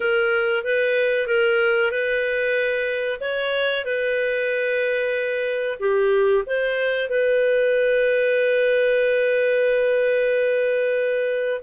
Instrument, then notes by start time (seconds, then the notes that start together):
clarinet
0.00 A#4
0.63 B4
1.27 A#4
1.91 B4
3.20 C#5
3.84 B4
5.79 G4
6.46 C5
7.09 B4